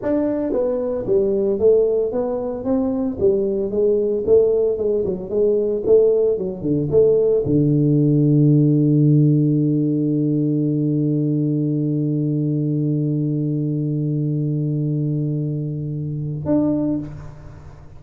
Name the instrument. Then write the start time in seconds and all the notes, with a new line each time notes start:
tuba
0.02 D4
0.52 B3
1.06 G3
1.59 A3
2.12 B3
2.64 C4
3.19 G3
3.70 G#3
4.26 A3
4.77 G#3
5.05 F#3
5.29 G#3
5.86 A3
6.38 F#3
6.61 D3
6.90 A3
7.45 D3
16.45 D4